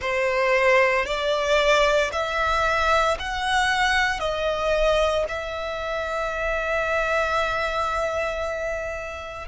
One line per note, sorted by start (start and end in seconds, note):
0.01 1.05 C5
1.05 2.11 D5
2.12 3.17 E5
3.19 4.19 F#5
4.19 5.24 D#5
5.28 9.48 E5